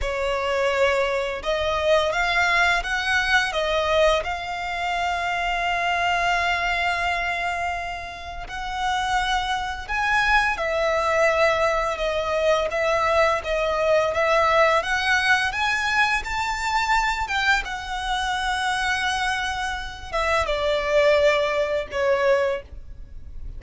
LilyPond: \new Staff \with { instrumentName = "violin" } { \time 4/4 \tempo 4 = 85 cis''2 dis''4 f''4 | fis''4 dis''4 f''2~ | f''1 | fis''2 gis''4 e''4~ |
e''4 dis''4 e''4 dis''4 | e''4 fis''4 gis''4 a''4~ | a''8 g''8 fis''2.~ | fis''8 e''8 d''2 cis''4 | }